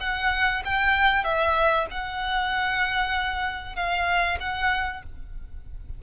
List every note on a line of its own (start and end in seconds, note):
0.00 0.62 F#5
0.65 1.24 G5
1.24 1.86 E5
1.91 3.76 F#5
3.76 4.38 F5
4.40 5.03 F#5